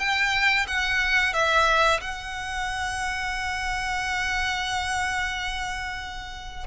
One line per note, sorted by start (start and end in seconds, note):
0.00 0.67 G5
0.68 1.34 F#5
1.34 2.00 E5
2.01 6.68 F#5